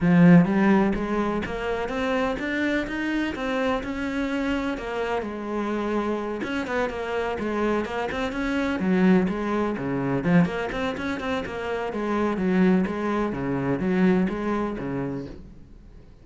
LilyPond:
\new Staff \with { instrumentName = "cello" } { \time 4/4 \tempo 4 = 126 f4 g4 gis4 ais4 | c'4 d'4 dis'4 c'4 | cis'2 ais4 gis4~ | gis4. cis'8 b8 ais4 gis8~ |
gis8 ais8 c'8 cis'4 fis4 gis8~ | gis8 cis4 f8 ais8 c'8 cis'8 c'8 | ais4 gis4 fis4 gis4 | cis4 fis4 gis4 cis4 | }